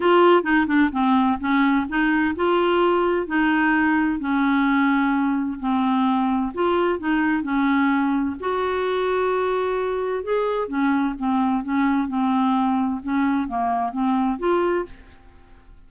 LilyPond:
\new Staff \with { instrumentName = "clarinet" } { \time 4/4 \tempo 4 = 129 f'4 dis'8 d'8 c'4 cis'4 | dis'4 f'2 dis'4~ | dis'4 cis'2. | c'2 f'4 dis'4 |
cis'2 fis'2~ | fis'2 gis'4 cis'4 | c'4 cis'4 c'2 | cis'4 ais4 c'4 f'4 | }